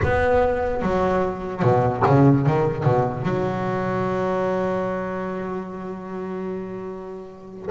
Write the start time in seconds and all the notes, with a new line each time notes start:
0.03 B3
0.81 F#3
1.62 B2
2.06 C#3
2.46 D#3
2.83 B2
3.22 F#3